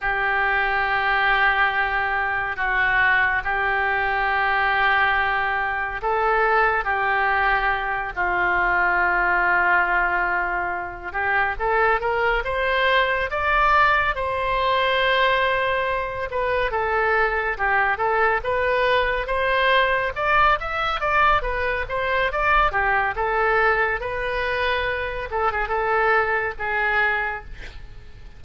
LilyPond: \new Staff \with { instrumentName = "oboe" } { \time 4/4 \tempo 4 = 70 g'2. fis'4 | g'2. a'4 | g'4. f'2~ f'8~ | f'4 g'8 a'8 ais'8 c''4 d''8~ |
d''8 c''2~ c''8 b'8 a'8~ | a'8 g'8 a'8 b'4 c''4 d''8 | e''8 d''8 b'8 c''8 d''8 g'8 a'4 | b'4. a'16 gis'16 a'4 gis'4 | }